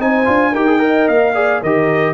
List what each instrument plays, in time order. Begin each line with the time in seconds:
0.00 tuba C4, trombone D#4, horn C5, trumpet G#5
0.25 tuba D4, trombone F4
0.52 tuba D#4, trombone G4, horn A#4, trumpet G5
0.67 trombone G#4
0.79 trombone A#4, horn D#5
1.08 tuba A#3, trumpet F5
1.35 trombone G#4, horn D5
1.61 tuba D#3, trombone G4, horn A#4, trumpet D#5